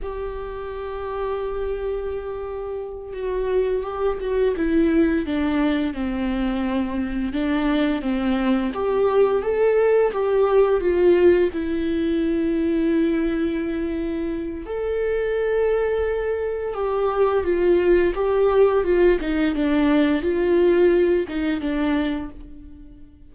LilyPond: \new Staff \with { instrumentName = "viola" } { \time 4/4 \tempo 4 = 86 g'1~ | g'8 fis'4 g'8 fis'8 e'4 d'8~ | d'8 c'2 d'4 c'8~ | c'8 g'4 a'4 g'4 f'8~ |
f'8 e'2.~ e'8~ | e'4 a'2. | g'4 f'4 g'4 f'8 dis'8 | d'4 f'4. dis'8 d'4 | }